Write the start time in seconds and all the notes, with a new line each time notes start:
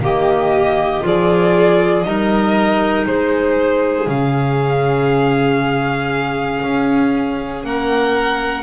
0.00 D#3 A#3 G4 D#5
1.01 F3 F4 G#4 D5
2.03 G3 D#4 A#4 D#5
3.06 G#3 G#4 C5
4.07 C#3 C#4 F5
6.62 C#4
7.64 A#3 A#4 F#5